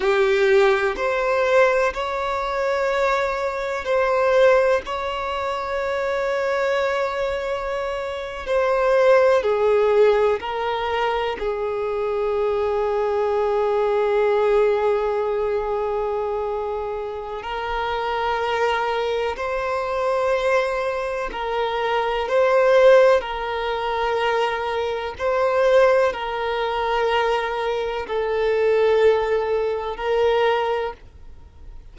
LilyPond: \new Staff \with { instrumentName = "violin" } { \time 4/4 \tempo 4 = 62 g'4 c''4 cis''2 | c''4 cis''2.~ | cis''8. c''4 gis'4 ais'4 gis'16~ | gis'1~ |
gis'2 ais'2 | c''2 ais'4 c''4 | ais'2 c''4 ais'4~ | ais'4 a'2 ais'4 | }